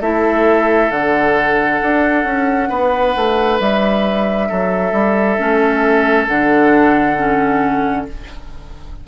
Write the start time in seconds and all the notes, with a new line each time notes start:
0.00 A3 E4 A4 E5
0.90 D3 D4 F#5
1.82 D4
2.24 C#4
2.69 B3 B4
3.16 A3
3.60 G3 E5
4.48 F#3 A4
4.92 G3
5.38 A3 C#4
6.26 D3 D4 F#5
7.18 C#4